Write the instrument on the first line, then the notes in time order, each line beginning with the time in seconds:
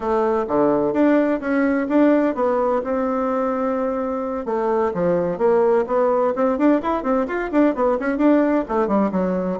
bassoon
0.00 A3
0.48 D3
0.93 D4
1.40 C#4
1.88 D4
2.34 B3
2.84 C4
4.45 A3
4.94 F3
5.38 A#3
5.86 B3
6.35 C4
6.58 D4
6.82 E4
7.03 C4
7.27 F4
7.51 D4
7.74 B3
7.99 C#4
8.17 D4
8.68 A3
8.87 G3
9.11 F#3